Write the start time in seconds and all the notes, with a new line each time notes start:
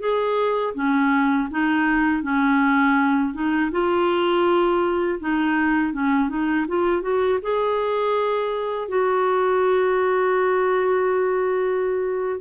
0.00 G#4
0.75 C#4
1.51 D#4
2.23 C#4
3.34 D#4
3.71 F4
5.20 D#4
5.93 C#4
6.29 D#4
6.68 F4
7.02 F#4
7.42 G#4
8.89 F#4